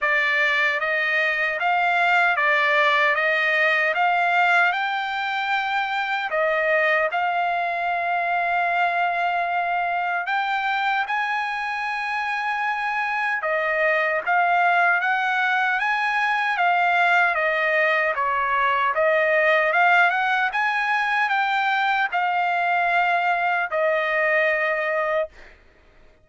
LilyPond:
\new Staff \with { instrumentName = "trumpet" } { \time 4/4 \tempo 4 = 76 d''4 dis''4 f''4 d''4 | dis''4 f''4 g''2 | dis''4 f''2.~ | f''4 g''4 gis''2~ |
gis''4 dis''4 f''4 fis''4 | gis''4 f''4 dis''4 cis''4 | dis''4 f''8 fis''8 gis''4 g''4 | f''2 dis''2 | }